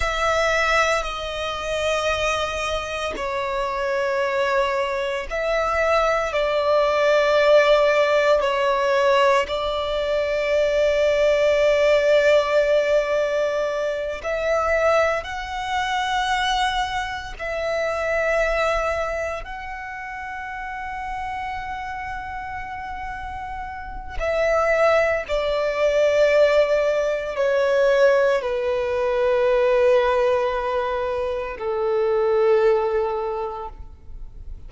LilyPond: \new Staff \with { instrumentName = "violin" } { \time 4/4 \tempo 4 = 57 e''4 dis''2 cis''4~ | cis''4 e''4 d''2 | cis''4 d''2.~ | d''4. e''4 fis''4.~ |
fis''8 e''2 fis''4.~ | fis''2. e''4 | d''2 cis''4 b'4~ | b'2 a'2 | }